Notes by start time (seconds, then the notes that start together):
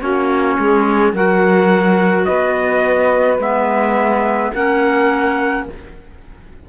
0.00 A#3 C#4 F#4 C#5
0.58 G#3 G#4
1.12 F#3 F#4 A#4 F#5
2.25 B3 B4 D#5
3.38 G#3 B3 E5
4.53 A#3 C#4 A#4 F#5